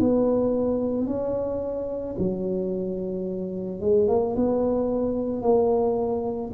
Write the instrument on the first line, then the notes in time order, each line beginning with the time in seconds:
tuba
0.00 B3
1.07 C#4
2.19 F#3
3.81 G#3
4.08 A#3
4.36 B3
5.42 A#3